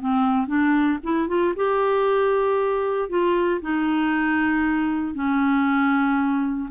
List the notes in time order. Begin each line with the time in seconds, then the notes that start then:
0.00 C4
0.47 D4
1.03 E4
1.28 F4
1.56 G4
3.09 F4
3.61 D#4
5.14 C#4